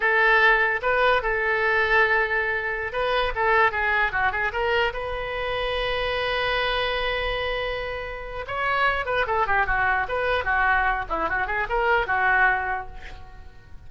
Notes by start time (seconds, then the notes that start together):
0.00 A4
0.82 B4
1.22 A4
2.92 B4
3.35 A4
3.71 G#4
4.12 F#4
4.32 G#4
4.52 A#4
4.93 B4
8.47 C#5
9.05 B4
9.26 A4
9.46 G4
9.66 F#4
10.08 B4
10.44 F#4
11.09 E4
11.29 F#4
11.47 G#4
11.69 A#4
12.06 F#4